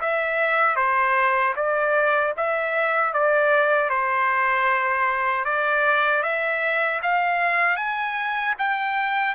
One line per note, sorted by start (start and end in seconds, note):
0.00 0.76 E5
0.76 1.53 C5
1.55 2.33 D5
2.37 3.13 E5
3.13 3.89 D5
3.89 5.44 C5
5.44 6.22 D5
6.22 7.00 E5
7.02 7.76 F5
7.76 8.54 G#5
8.58 9.35 G5